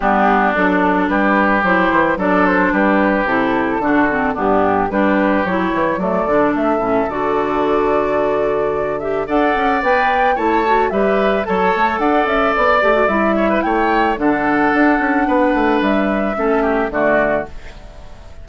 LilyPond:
<<
  \new Staff \with { instrumentName = "flute" } { \time 4/4 \tempo 4 = 110 g'4 a'4 b'4 c''4 | d''8 c''8 b'4 a'2 | g'4 b'4 cis''4 d''4 | e''4 d''2.~ |
d''8 e''8 fis''4 g''4 a''4 | e''4 a''4 fis''8 e''8 d''4 | e''4 g''4 fis''2~ | fis''4 e''2 d''4 | }
  \new Staff \with { instrumentName = "oboe" } { \time 4/4 d'2 g'2 | a'4 g'2 fis'4 | d'4 g'2 a'4~ | a'1~ |
a'4 d''2 cis''4 | b'4 cis''4 d''2~ | d''8 cis''16 b'16 cis''4 a'2 | b'2 a'8 g'8 fis'4 | }
  \new Staff \with { instrumentName = "clarinet" } { \time 4/4 b4 d'2 e'4 | d'2 e'4 d'8 c'8 | b4 d'4 e'4 a8 d'8~ | d'8 cis'8 fis'2.~ |
fis'8 g'8 a'4 b'4 e'8 fis'8 | g'4 a'2~ a'8 g'16 fis'16 | e'2 d'2~ | d'2 cis'4 a4 | }
  \new Staff \with { instrumentName = "bassoon" } { \time 4/4 g4 fis4 g4 fis8 e8 | fis4 g4 c4 d4 | g,4 g4 fis8 e8 fis8 d8 | a8 a,8 d2.~ |
d4 d'8 cis'8 b4 a4 | g4 fis8 a8 d'8 cis'8 b8 a8 | g4 a4 d4 d'8 cis'8 | b8 a8 g4 a4 d4 | }
>>